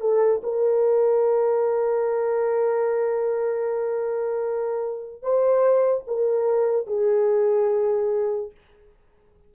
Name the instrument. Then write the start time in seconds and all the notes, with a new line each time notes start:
horn
0.00 A4
0.43 A#4
5.22 C5
6.07 A#4
6.86 G#4